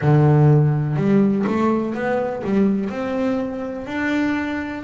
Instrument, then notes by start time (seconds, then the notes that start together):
double bass
0.01 D3
0.96 G3
1.46 A3
1.94 B3
2.44 G3
2.89 C4
3.86 D4